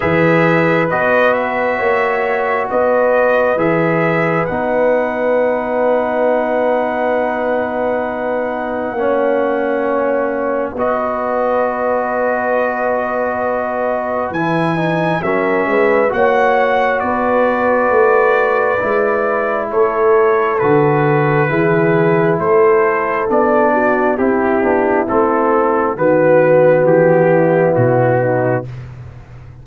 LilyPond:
<<
  \new Staff \with { instrumentName = "trumpet" } { \time 4/4 \tempo 4 = 67 e''4 dis''8 e''4. dis''4 | e''4 fis''2.~ | fis''1 | dis''1 |
gis''4 e''4 fis''4 d''4~ | d''2 cis''4 b'4~ | b'4 c''4 d''4 g'4 | a'4 b'4 g'4 fis'4 | }
  \new Staff \with { instrumentName = "horn" } { \time 4/4 b'2 cis''4 b'4~ | b'1~ | b'2 cis''2 | b'1~ |
b'4 ais'8 b'8 cis''4 b'4~ | b'2 a'2 | gis'4 a'4. fis'8 e'4~ | e'4 fis'4. e'4 dis'8 | }
  \new Staff \with { instrumentName = "trombone" } { \time 4/4 gis'4 fis'2. | gis'4 dis'2.~ | dis'2 cis'2 | fis'1 |
e'8 dis'8 cis'4 fis'2~ | fis'4 e'2 fis'4 | e'2 d'4 e'8 d'8 | c'4 b2. | }
  \new Staff \with { instrumentName = "tuba" } { \time 4/4 e4 b4 ais4 b4 | e4 b2.~ | b2 ais2 | b1 |
e4 fis8 gis8 ais4 b4 | a4 gis4 a4 d4 | e4 a4 b4 c'8 b8 | a4 dis4 e4 b,4 | }
>>